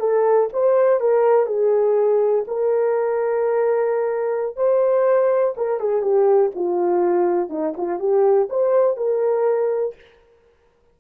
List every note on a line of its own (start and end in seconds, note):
0.00 0.49 A4
0.53 1.01 C5
1.01 1.46 A#4
1.46 2.45 G#4
2.48 4.56 A#4
4.56 5.55 C5
5.57 5.80 A#4
5.80 6.02 G#4
6.02 6.51 G4
6.55 7.50 F4
7.50 7.74 D#4
7.77 8.00 F4
8.00 8.49 G4
8.49 8.97 C5
8.97 9.95 A#4